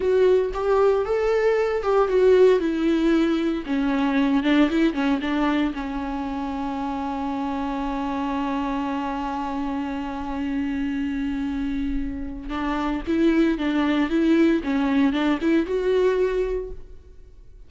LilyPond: \new Staff \with { instrumentName = "viola" } { \time 4/4 \tempo 4 = 115 fis'4 g'4 a'4. g'8 | fis'4 e'2 cis'4~ | cis'8 d'8 e'8 cis'8 d'4 cis'4~ | cis'1~ |
cis'1~ | cis'1 | d'4 e'4 d'4 e'4 | cis'4 d'8 e'8 fis'2 | }